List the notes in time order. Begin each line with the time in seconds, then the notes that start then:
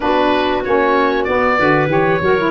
0.00 B3 D4 F#4 B4
0.64 A#3 C#4 C#5
1.24 B3 D5
1.57 D3 F#4 B4
1.87 E3 G4 C#5
2.21 F#3 F#4 A#4
2.38 E4